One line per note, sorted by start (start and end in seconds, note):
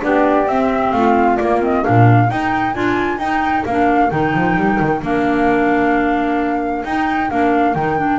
0.00 0.47 B3
0.00 0.45 D4
0.00 0.95 G4
0.00 0.48 D5
0.47 0.93 C4
0.47 1.41 C4
0.47 0.91 E5
0.91 1.39 A3
0.91 1.85 F4
0.91 1.36 F5
1.36 1.86 A#3
1.36 1.61 A#3
1.36 1.59 D5
1.61 1.83 C4
1.61 1.84 D#5
1.83 2.31 A#2
1.83 2.28 D4
1.83 8.19 A#4
1.83 2.30 F5
2.28 2.73 D#4
2.28 2.76 D#4
2.28 2.73 G5
2.73 3.18 D4
2.73 3.20 F4
2.73 3.19 G#5
3.18 3.64 D#4
3.18 3.67 D#4
3.18 3.64 G5
3.66 4.11 A#3
3.66 4.10 D4
3.66 4.11 F5
4.10 4.34 D#3
4.10 5.01 D#4
4.10 5.01 G5
4.35 4.57 F3
4.57 4.79 G3
4.80 5.02 D#3
5.02 6.84 A#3
5.02 6.85 D4
5.02 6.85 F5
6.85 7.30 D#4
6.85 7.30 G5
7.30 7.75 A#3
7.30 7.75 D4
7.30 7.75 F5
7.75 8.19 D#3
7.75 7.98 D#4
7.75 8.19 G5
7.98 8.19 D4